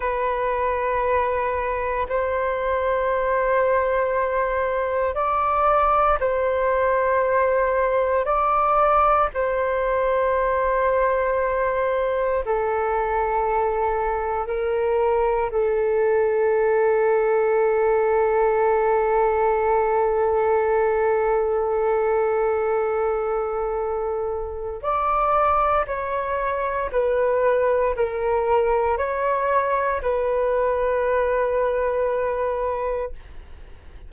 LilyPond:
\new Staff \with { instrumentName = "flute" } { \time 4/4 \tempo 4 = 58 b'2 c''2~ | c''4 d''4 c''2 | d''4 c''2. | a'2 ais'4 a'4~ |
a'1~ | a'1 | d''4 cis''4 b'4 ais'4 | cis''4 b'2. | }